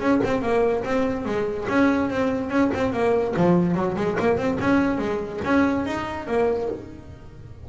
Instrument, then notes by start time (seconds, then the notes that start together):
double bass
0.00 C#4
0.24 C4
0.42 A#3
0.84 C4
1.25 G#3
1.69 C#4
2.10 C4
2.50 C#4
2.74 C4
2.93 A#3
3.37 F3
3.75 F#3
3.96 G#3
4.20 A#3
4.37 C4
4.61 C#4
4.99 G#3
5.45 C#4
5.86 D#4
6.27 A#3